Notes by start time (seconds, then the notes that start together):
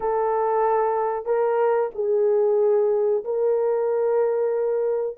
0.00 A4
1.25 A#4
1.94 G#4
3.24 A#4